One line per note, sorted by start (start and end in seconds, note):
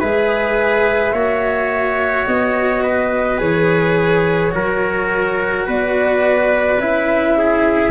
0.00 1.12 G#3
0.00 1.14 G#4
0.00 1.13 B4
0.00 2.26 E5
1.12 2.25 A#3
1.12 3.39 F#4
1.12 2.83 C#5
2.27 3.40 B3
2.27 3.40 D#5
2.83 4.53 B4
3.39 4.53 E3
3.39 4.51 G#4
3.39 5.67 C#5
4.51 5.67 F#3
4.51 6.78 F#4
4.51 5.67 A#4
5.67 6.79 B3
5.67 7.37 B4
5.67 6.81 D5
6.79 7.91 C#4
6.79 7.91 E4
6.79 7.91 E5
7.38 7.91 G#4